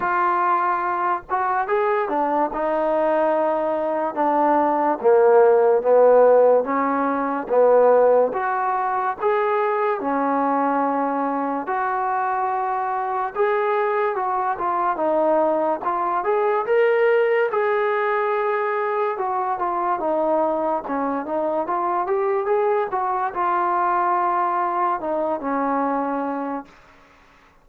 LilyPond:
\new Staff \with { instrumentName = "trombone" } { \time 4/4 \tempo 4 = 72 f'4. fis'8 gis'8 d'8 dis'4~ | dis'4 d'4 ais4 b4 | cis'4 b4 fis'4 gis'4 | cis'2 fis'2 |
gis'4 fis'8 f'8 dis'4 f'8 gis'8 | ais'4 gis'2 fis'8 f'8 | dis'4 cis'8 dis'8 f'8 g'8 gis'8 fis'8 | f'2 dis'8 cis'4. | }